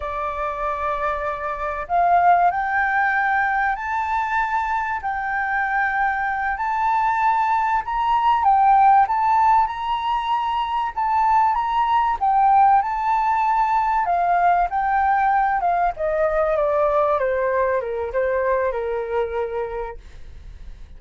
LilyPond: \new Staff \with { instrumentName = "flute" } { \time 4/4 \tempo 4 = 96 d''2. f''4 | g''2 a''2 | g''2~ g''8 a''4.~ | a''8 ais''4 g''4 a''4 ais''8~ |
ais''4. a''4 ais''4 g''8~ | g''8 a''2 f''4 g''8~ | g''4 f''8 dis''4 d''4 c''8~ | c''8 ais'8 c''4 ais'2 | }